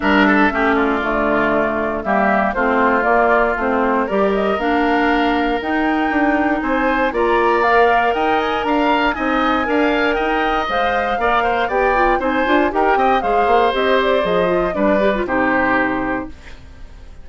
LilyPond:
<<
  \new Staff \with { instrumentName = "flute" } { \time 4/4 \tempo 4 = 118 e''4. d''2~ d''8 | e''4 c''4 d''4 c''4 | d''8 dis''8 f''2 g''4~ | g''4 gis''4 ais''4 f''4 |
g''8 gis''8 ais''4 gis''2 | g''4 f''2 g''4 | gis''4 g''4 f''4 dis''8 d''8 | dis''4 d''4 c''2 | }
  \new Staff \with { instrumentName = "oboe" } { \time 4/4 ais'8 a'8 g'8 f'2~ f'8 | g'4 f'2. | ais'1~ | ais'4 c''4 d''2 |
dis''4 f''4 dis''4 f''4 | dis''2 d''8 c''8 d''4 | c''4 ais'8 dis''8 c''2~ | c''4 b'4 g'2 | }
  \new Staff \with { instrumentName = "clarinet" } { \time 4/4 d'4 cis'4 a2 | ais4 c'4 ais4 c'4 | g'4 d'2 dis'4~ | dis'2 f'4 ais'4~ |
ais'2 dis'4 ais'4~ | ais'4 c''4 ais'4 g'8 f'8 | dis'8 f'8 g'4 gis'4 g'4 | gis'8 f'8 d'8 g'16 f'16 dis'2 | }
  \new Staff \with { instrumentName = "bassoon" } { \time 4/4 g4 a4 d2 | g4 a4 ais4 a4 | g4 ais2 dis'4 | d'4 c'4 ais2 |
dis'4 d'4 c'4 d'4 | dis'4 gis4 ais4 b4 | c'8 d'8 dis'8 c'8 gis8 ais8 c'4 | f4 g4 c2 | }
>>